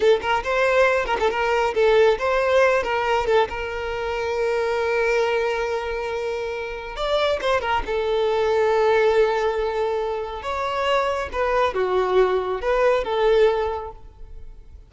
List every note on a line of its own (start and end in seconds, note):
0.00 0.20 A4
0.21 0.43 A#4
0.43 1.05 C5
1.05 1.16 A#4
1.19 1.30 A4
1.30 1.74 A#4
1.74 2.18 A4
2.18 2.83 C5
2.83 3.26 A#4
3.26 3.48 A4
3.49 6.96 A#4
6.96 7.39 D5
7.41 7.61 C5
7.61 7.82 A#4
7.86 10.42 A4
10.42 11.29 C#5
11.32 11.74 B4
11.74 12.61 F#4
12.61 13.04 B4
13.04 13.91 A4